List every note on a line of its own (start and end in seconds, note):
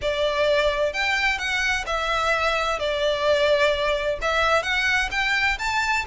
0.01 0.93 D5
0.93 1.38 G5
1.38 1.85 F#5
1.86 2.79 E5
2.79 4.18 D5
4.21 4.62 E5
4.62 5.09 F#5
5.11 5.58 G5
5.58 6.05 A5